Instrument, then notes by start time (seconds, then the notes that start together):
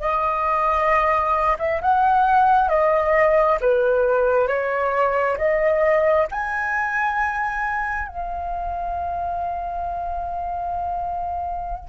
flute
0.00 D#5
1.59 E5
1.82 F#5
2.69 D#5
3.61 B4
4.47 C#5
5.37 D#5
6.31 G#5
8.07 F5